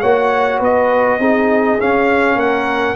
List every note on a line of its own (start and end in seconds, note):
0.00 0.60 A#3
0.00 1.20 F#4
0.00 0.59 C#5
0.00 0.59 F#5
0.59 1.19 B3
0.59 1.18 B4
0.59 1.81 D#5
1.19 1.78 C4
1.19 1.79 D#4
1.19 2.37 G#4
1.80 2.95 C#4
1.80 2.36 C#4
1.80 2.39 F5
2.36 2.94 A#3
2.36 2.95 A#4
2.36 2.95 F#5